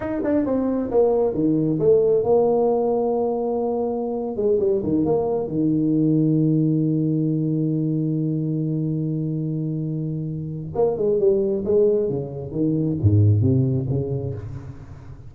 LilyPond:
\new Staff \with { instrumentName = "tuba" } { \time 4/4 \tempo 4 = 134 dis'8 d'8 c'4 ais4 dis4 | a4 ais2.~ | ais4.~ ais16 gis8 g8 dis8 ais8.~ | ais16 dis2.~ dis8.~ |
dis1~ | dis1 | ais8 gis8 g4 gis4 cis4 | dis4 gis,4 c4 cis4 | }